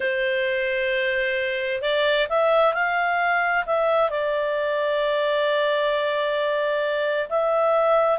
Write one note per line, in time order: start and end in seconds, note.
0.00 1.81 C5
1.81 2.27 D5
2.29 2.73 E5
2.73 3.64 F5
3.66 4.10 E5
4.10 7.28 D5
7.29 8.18 E5